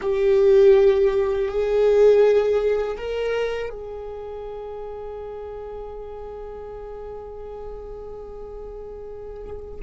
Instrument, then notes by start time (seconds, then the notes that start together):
viola
0.01 G4
1.48 G#4
2.97 A#4
3.69 G#4